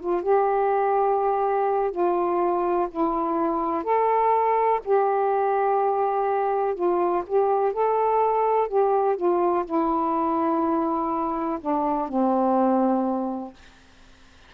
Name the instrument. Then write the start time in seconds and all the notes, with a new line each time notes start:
saxophone
0.00 F4
0.22 G4
1.91 F4
2.91 E4
3.83 A4
4.84 G4
6.75 F4
7.27 G4
7.72 A4
8.68 G4
9.16 F4
9.65 E4
11.60 D4
12.08 C4